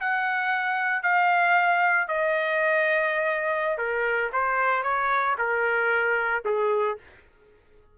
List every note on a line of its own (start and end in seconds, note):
0.00 1.02 F#5
1.02 2.07 F5
2.07 3.78 D#5
3.78 4.30 A#4
4.32 4.83 C5
4.83 5.35 C#5
5.38 6.43 A#4
6.45 6.97 G#4